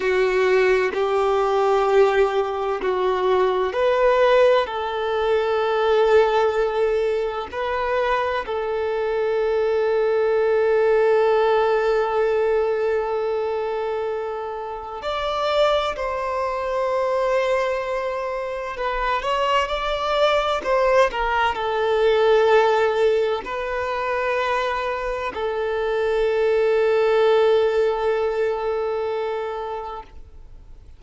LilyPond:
\new Staff \with { instrumentName = "violin" } { \time 4/4 \tempo 4 = 64 fis'4 g'2 fis'4 | b'4 a'2. | b'4 a'2.~ | a'1 |
d''4 c''2. | b'8 cis''8 d''4 c''8 ais'8 a'4~ | a'4 b'2 a'4~ | a'1 | }